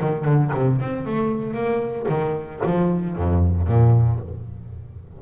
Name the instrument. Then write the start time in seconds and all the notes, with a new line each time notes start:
double bass
0.00 D#3
0.24 D3
0.54 C3
0.80 C4
1.06 A3
1.54 A#3
2.08 D#3
2.65 F3
3.16 F2
3.67 A#2